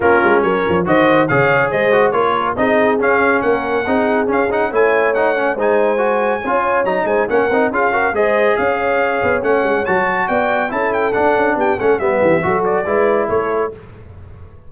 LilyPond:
<<
  \new Staff \with { instrumentName = "trumpet" } { \time 4/4 \tempo 4 = 140 ais'4 cis''4 dis''4 f''4 | dis''4 cis''4 dis''4 f''4 | fis''2 f''8 fis''8 gis''4 | fis''4 gis''2. |
ais''8 gis''8 fis''4 f''4 dis''4 | f''2 fis''4 a''4 | g''4 a''8 g''8 fis''4 g''8 fis''8 | e''4. d''4. cis''4 | }
  \new Staff \with { instrumentName = "horn" } { \time 4/4 f'4 ais'4 c''4 cis''4 | c''4 ais'4 gis'2 | ais'4 gis'2 cis''4~ | cis''4 c''2 cis''4~ |
cis''8 c''8 ais'4 gis'8 ais'8 c''4 | cis''1 | d''4 a'2 g'8 a'8 | b'8 g'8 a'4 b'4 a'4 | }
  \new Staff \with { instrumentName = "trombone" } { \time 4/4 cis'2 fis'4 gis'4~ | gis'8 fis'8 f'4 dis'4 cis'4~ | cis'4 dis'4 cis'8 dis'8 e'4 | dis'8 cis'8 dis'4 fis'4 f'4 |
dis'4 cis'8 dis'8 f'8 fis'8 gis'4~ | gis'2 cis'4 fis'4~ | fis'4 e'4 d'4. cis'8 | b4 fis'4 e'2 | }
  \new Staff \with { instrumentName = "tuba" } { \time 4/4 ais8 gis8 fis8 f8 dis4 cis4 | gis4 ais4 c'4 cis'4 | ais4 c'4 cis'4 a4~ | a4 gis2 cis'4 |
fis8 gis8 ais8 c'8 cis'4 gis4 | cis'4. b8 a8 gis8 fis4 | b4 cis'4 d'8 cis'8 b8 a8 | g8 e8 fis4 gis4 a4 | }
>>